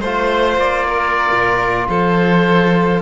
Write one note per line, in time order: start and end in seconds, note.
0.00 0.57 A3
0.00 3.02 F4
0.00 0.57 C5
0.00 0.86 C5
0.57 1.29 A#3
0.57 1.88 D5
0.87 1.87 A#4
1.30 1.88 A#2
1.88 3.02 F3
1.88 3.02 A4
1.88 3.02 C5